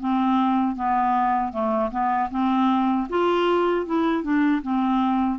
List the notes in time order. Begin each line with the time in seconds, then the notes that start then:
0.00 C4
0.76 B3
1.52 A3
1.91 B3
2.31 C4
3.09 F4
3.86 E4
4.23 D4
4.63 C4